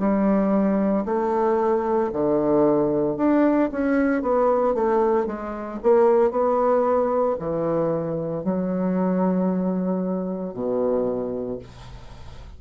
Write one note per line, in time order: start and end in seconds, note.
0.00 1.05 G3
1.06 2.11 A3
2.13 3.17 D3
3.17 3.70 D4
3.72 4.22 C#4
4.22 4.75 B3
4.75 5.27 A3
5.27 5.80 G#3
5.83 6.31 A#3
6.31 7.36 B3
7.40 8.44 E3
8.44 10.54 F#3
10.54 11.59 B2